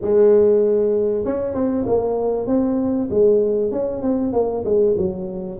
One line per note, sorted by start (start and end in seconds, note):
0.01 1.24 G#3
1.24 1.54 C#4
1.54 1.85 C4
1.86 2.47 A#3
2.47 3.08 C4
3.10 3.71 G#3
3.71 4.01 C#4
4.01 4.32 C4
4.32 4.63 A#3
4.64 4.95 G#3
4.97 5.59 F#3